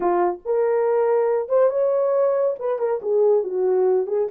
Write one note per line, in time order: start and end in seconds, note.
0.00 0.39 F4
0.45 1.48 A#4
1.48 1.69 C5
1.69 2.55 C#5
2.59 2.78 B4
2.78 3.00 A#4
3.01 3.43 G#4
3.43 4.06 F#4
4.06 4.28 G#4